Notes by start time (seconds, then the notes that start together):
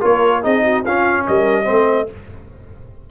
0.00 A#3 F4 A#4 C#5
0.42 C4 D#4 G#4 D#5
0.63 F#4
0.83 C#4 F4 F5
1.27 G3 A#4 D#5
1.64 A3 C4 C5